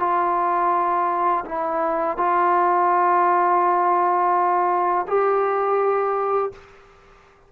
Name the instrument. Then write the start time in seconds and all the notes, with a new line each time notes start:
trombone
0.00 F4
1.46 E4
2.18 F4
5.08 G4